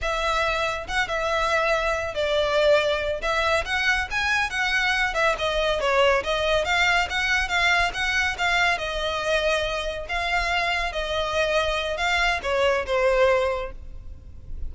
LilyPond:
\new Staff \with { instrumentName = "violin" } { \time 4/4 \tempo 4 = 140 e''2 fis''8 e''4.~ | e''4 d''2~ d''8 e''8~ | e''8 fis''4 gis''4 fis''4. | e''8 dis''4 cis''4 dis''4 f''8~ |
f''8 fis''4 f''4 fis''4 f''8~ | f''8 dis''2. f''8~ | f''4. dis''2~ dis''8 | f''4 cis''4 c''2 | }